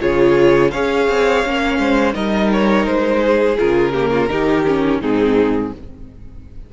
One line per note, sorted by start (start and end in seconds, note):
0.00 0.73 C#3
0.00 0.71 F4
0.00 0.71 G#4
0.00 0.71 C#5
0.71 1.08 C#4
0.71 1.45 G#4
0.71 1.78 C#5
0.71 2.14 F5
1.08 1.44 C4
1.45 1.79 A#3
1.45 2.14 C#4
1.79 2.14 G#3
1.79 2.15 C5
2.14 2.86 G3
2.14 3.56 D#4
2.14 3.21 A#4
2.14 2.50 D#5
2.52 2.86 C#5
2.86 3.57 G#3
2.86 3.57 C5
3.21 3.93 G#4
3.58 4.29 C#3
3.58 3.93 F4
3.58 5.01 A#4
3.93 4.29 A#3
3.93 4.10 G4
4.11 4.29 F4
4.29 5.00 D#3
4.29 4.65 D#4
4.29 5.00 G4
4.67 5.02 C#4
5.00 5.72 G#2
5.00 5.73 C4
5.00 5.72 D#4
5.00 5.72 G#4